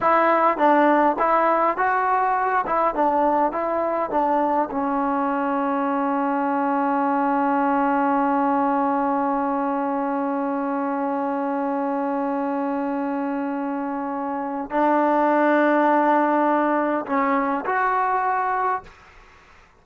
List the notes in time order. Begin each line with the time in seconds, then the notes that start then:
0.01 E4
0.57 D4
1.18 E4
1.77 F#4
2.66 E4
2.94 D4
3.51 E4
4.10 D4
4.71 C#4
14.70 D4
17.06 C#4
17.65 F#4